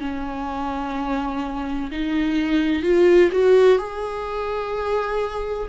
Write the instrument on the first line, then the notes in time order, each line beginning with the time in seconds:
viola
0.00 C#4
1.92 D#4
2.83 F4
3.32 F#4
3.78 G#4